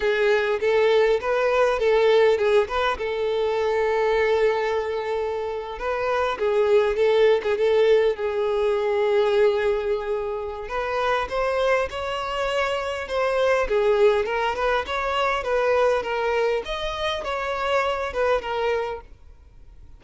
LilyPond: \new Staff \with { instrumentName = "violin" } { \time 4/4 \tempo 4 = 101 gis'4 a'4 b'4 a'4 | gis'8 b'8 a'2.~ | a'4.~ a'16 b'4 gis'4 a'16~ | a'8 gis'16 a'4 gis'2~ gis'16~ |
gis'2 b'4 c''4 | cis''2 c''4 gis'4 | ais'8 b'8 cis''4 b'4 ais'4 | dis''4 cis''4. b'8 ais'4 | }